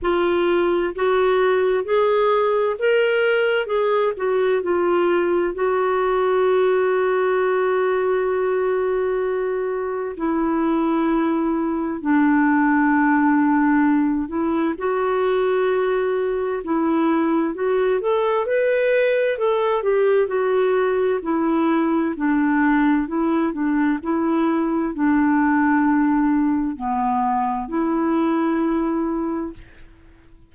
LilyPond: \new Staff \with { instrumentName = "clarinet" } { \time 4/4 \tempo 4 = 65 f'4 fis'4 gis'4 ais'4 | gis'8 fis'8 f'4 fis'2~ | fis'2. e'4~ | e'4 d'2~ d'8 e'8 |
fis'2 e'4 fis'8 a'8 | b'4 a'8 g'8 fis'4 e'4 | d'4 e'8 d'8 e'4 d'4~ | d'4 b4 e'2 | }